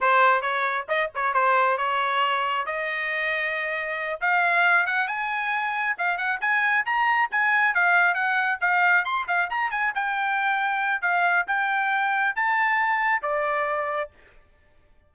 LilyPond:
\new Staff \with { instrumentName = "trumpet" } { \time 4/4 \tempo 4 = 136 c''4 cis''4 dis''8 cis''8 c''4 | cis''2 dis''2~ | dis''4. f''4. fis''8 gis''8~ | gis''4. f''8 fis''8 gis''4 ais''8~ |
ais''8 gis''4 f''4 fis''4 f''8~ | f''8 c'''8 f''8 ais''8 gis''8 g''4.~ | g''4 f''4 g''2 | a''2 d''2 | }